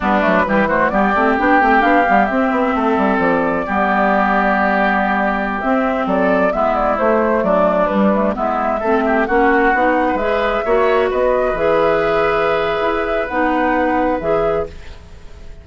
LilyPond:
<<
  \new Staff \with { instrumentName = "flute" } { \time 4/4 \tempo 4 = 131 b'4. c''8 d''4 g''4 | f''4 e''2 d''4~ | d''1~ | d''16 e''4 d''4 e''8 d''8 c''8.~ |
c''16 d''4 b'4 e''4.~ e''16~ | e''16 fis''2 e''4.~ e''16~ | e''16 dis''4 e''2~ e''8.~ | e''4 fis''2 e''4 | }
  \new Staff \with { instrumentName = "oboe" } { \time 4/4 d'4 g'8 fis'8 g'2~ | g'2 a'2 | g'1~ | g'4~ g'16 a'4 e'4.~ e'16~ |
e'16 d'2 e'4 a'8 g'16~ | g'16 fis'4.~ fis'16 b'4~ b'16 cis''8.~ | cis''16 b'2.~ b'8.~ | b'1 | }
  \new Staff \with { instrumentName = "clarinet" } { \time 4/4 b8 a8 g8 a8 b8 c'8 d'8 c'8 | d'8 b8 c'2. | b1~ | b16 c'2 b4 a8.~ |
a4~ a16 g8 a8 b4 c'8.~ | c'16 cis'4 dis'4 gis'4 fis'8.~ | fis'4~ fis'16 gis'2~ gis'8.~ | gis'4 dis'2 gis'4 | }
  \new Staff \with { instrumentName = "bassoon" } { \time 4/4 g8 fis8 e4 g8 a8 b8 a8 | b8 g8 c'8 b8 a8 g8 f4 | g1~ | g16 c'4 fis4 gis4 a8.~ |
a16 fis4 g4 gis4 a8.~ | a16 ais4 b4 gis4 ais8.~ | ais16 b4 e2~ e8. | e'4 b2 e4 | }
>>